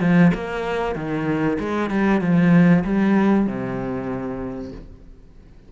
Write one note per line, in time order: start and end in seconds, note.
0.00 0.31 F3
0.34 0.95 A#3
0.95 1.57 D#3
1.59 1.90 G#3
1.90 2.21 G3
2.21 2.83 F3
2.84 3.46 G3
3.46 4.71 C3